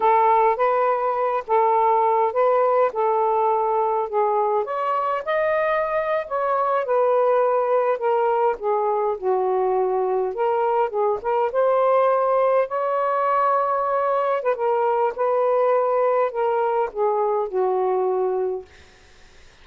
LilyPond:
\new Staff \with { instrumentName = "saxophone" } { \time 4/4 \tempo 4 = 103 a'4 b'4. a'4. | b'4 a'2 gis'4 | cis''4 dis''4.~ dis''16 cis''4 b'16~ | b'4.~ b'16 ais'4 gis'4 fis'16~ |
fis'4.~ fis'16 ais'4 gis'8 ais'8 c''16~ | c''4.~ c''16 cis''2~ cis''16~ | cis''8. b'16 ais'4 b'2 | ais'4 gis'4 fis'2 | }